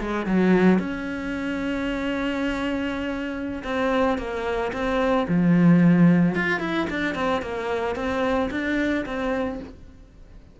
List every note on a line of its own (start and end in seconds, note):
0.00 0.26 G#3
0.26 0.79 F#3
0.79 3.63 C#4
3.64 4.18 C4
4.18 4.72 A#3
4.73 5.27 C4
5.28 6.35 F3
6.35 6.60 F4
6.60 6.87 E4
6.90 7.15 D4
7.15 7.42 C4
7.42 7.96 A#3
7.96 8.50 C4
8.51 9.05 D4
9.06 9.60 C4